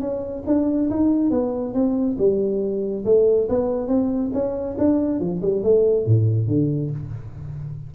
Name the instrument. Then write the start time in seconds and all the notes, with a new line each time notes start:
tuba
0.00 C#4
0.47 D4
0.90 D#4
1.30 B3
1.74 C4
2.18 G3
3.05 A3
3.49 B3
3.88 C4
4.33 C#4
4.78 D4
5.20 F3
5.42 G3
5.63 A3
6.06 A2
6.47 D3